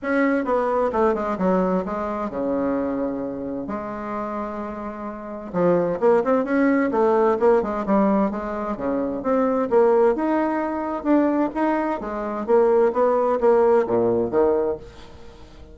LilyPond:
\new Staff \with { instrumentName = "bassoon" } { \time 4/4 \tempo 4 = 130 cis'4 b4 a8 gis8 fis4 | gis4 cis2. | gis1 | f4 ais8 c'8 cis'4 a4 |
ais8 gis8 g4 gis4 cis4 | c'4 ais4 dis'2 | d'4 dis'4 gis4 ais4 | b4 ais4 ais,4 dis4 | }